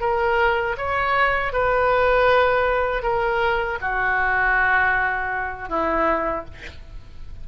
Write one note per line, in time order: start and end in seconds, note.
0.00 0.76 A#4
0.77 1.52 C#5
1.52 3.02 B4
3.02 3.78 A#4
3.81 5.69 F#4
5.69 6.45 E4